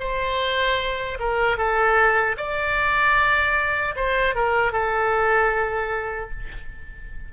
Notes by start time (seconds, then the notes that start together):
0.00 C5
1.19 A#4
1.58 A4
2.37 D5
3.96 C5
4.35 A#4
4.73 A4